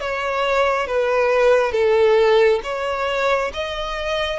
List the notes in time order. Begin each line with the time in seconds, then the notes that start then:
0.00 C#5
0.87 B4
1.72 A4
2.64 C#5
3.53 D#5